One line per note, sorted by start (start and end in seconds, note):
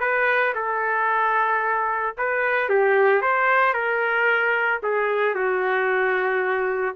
0.00 0.54 B4
0.55 2.16 A4
2.17 2.69 B4
2.69 3.22 G4
3.22 3.74 C5
3.74 4.81 A#4
4.83 5.35 G#4
5.35 6.96 F#4